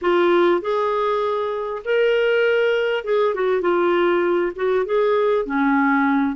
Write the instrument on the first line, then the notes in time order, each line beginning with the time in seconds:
clarinet
0.01 F4
0.61 G#4
1.84 A#4
3.04 G#4
3.34 F#4
3.61 F4
4.55 F#4
4.85 G#4
5.45 C#4